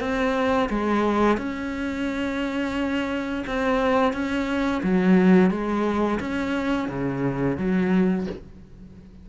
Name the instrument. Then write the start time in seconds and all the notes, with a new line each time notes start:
cello
0.00 C4
0.70 G#3
1.38 C#4
3.47 C4
4.13 C#4
4.83 F#3
5.51 G#3
6.20 C#4
6.89 C#3
7.58 F#3